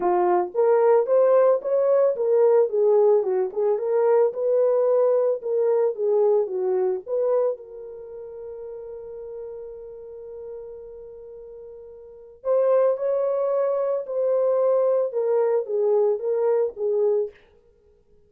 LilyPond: \new Staff \with { instrumentName = "horn" } { \time 4/4 \tempo 4 = 111 f'4 ais'4 c''4 cis''4 | ais'4 gis'4 fis'8 gis'8 ais'4 | b'2 ais'4 gis'4 | fis'4 b'4 ais'2~ |
ais'1~ | ais'2. c''4 | cis''2 c''2 | ais'4 gis'4 ais'4 gis'4 | }